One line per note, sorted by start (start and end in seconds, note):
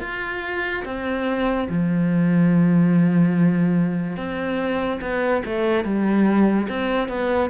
0.00 0.83 F4
0.84 1.68 C4
1.69 4.17 F3
4.17 5.00 C4
5.01 5.43 B3
5.45 5.84 A3
5.84 6.68 G3
6.69 7.09 C4
7.09 7.50 B3